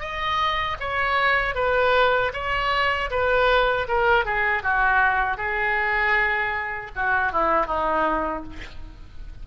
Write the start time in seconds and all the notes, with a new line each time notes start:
0.00 D#5
0.80 C#5
1.55 B4
2.34 C#5
3.11 B4
3.88 A#4
4.26 G#4
4.63 F#4
5.38 G#4
6.96 F#4
7.33 E4
7.66 D#4